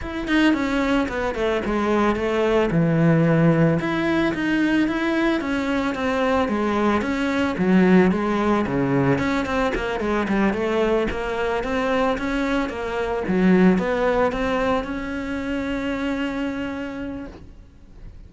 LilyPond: \new Staff \with { instrumentName = "cello" } { \time 4/4 \tempo 4 = 111 e'8 dis'8 cis'4 b8 a8 gis4 | a4 e2 e'4 | dis'4 e'4 cis'4 c'4 | gis4 cis'4 fis4 gis4 |
cis4 cis'8 c'8 ais8 gis8 g8 a8~ | a8 ais4 c'4 cis'4 ais8~ | ais8 fis4 b4 c'4 cis'8~ | cis'1 | }